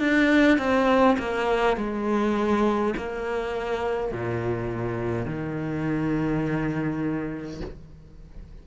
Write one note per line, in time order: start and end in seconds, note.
0.00 0.58 D4
0.58 1.17 C4
1.19 1.77 A#3
1.77 2.95 G#3
2.97 4.12 A#3
4.12 5.26 A#2
5.26 7.61 D#3